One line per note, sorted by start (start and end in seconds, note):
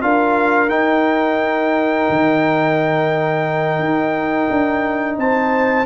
0.00 0.69 D4
0.00 0.68 F4
0.00 5.19 A#4
0.00 0.69 F5
0.68 5.85 D#4
0.68 2.07 D#4
0.68 5.17 G5
2.09 3.79 D#3
3.79 4.48 D#4
4.50 5.17 D4
5.17 5.86 C4
5.17 5.86 C5
5.17 5.86 A5